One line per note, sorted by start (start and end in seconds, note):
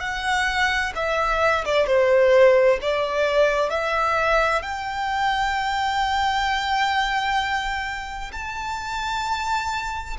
0.00 0.92 F#5
0.95 1.64 E5
1.65 1.86 D5
1.86 2.79 C5
2.81 3.70 D5
3.70 4.62 E5
4.62 8.31 G5
8.32 10.17 A5